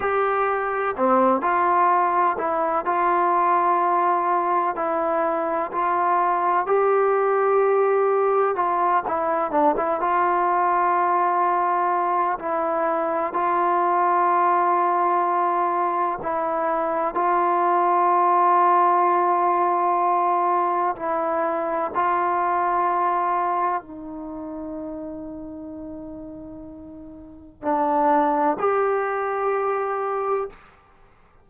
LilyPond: \new Staff \with { instrumentName = "trombone" } { \time 4/4 \tempo 4 = 63 g'4 c'8 f'4 e'8 f'4~ | f'4 e'4 f'4 g'4~ | g'4 f'8 e'8 d'16 e'16 f'4.~ | f'4 e'4 f'2~ |
f'4 e'4 f'2~ | f'2 e'4 f'4~ | f'4 dis'2.~ | dis'4 d'4 g'2 | }